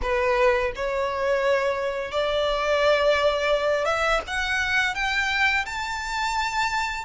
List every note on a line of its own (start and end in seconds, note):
0.02 0.72 B4
0.75 2.11 C#5
2.11 3.85 D5
3.85 4.20 E5
4.27 4.94 F#5
4.94 5.65 G5
5.65 7.04 A5